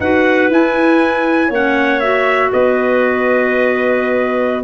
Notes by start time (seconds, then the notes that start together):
0.00 D#4 F#4 B4 F#5
0.50 E4 G#5
1.48 A#3 C#4 C#5 F#5
2.00 F#4 E5
2.52 B3 B4 D#5